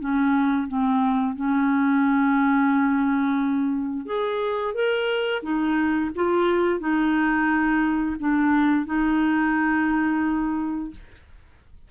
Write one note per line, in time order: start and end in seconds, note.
0.00 0.68 C#4
0.68 1.35 C4
1.35 4.06 C#4
4.06 4.74 G#4
4.74 5.42 A#4
5.43 6.11 D#4
6.15 6.80 F4
6.80 8.16 D#4
8.20 8.86 D4
8.86 10.91 D#4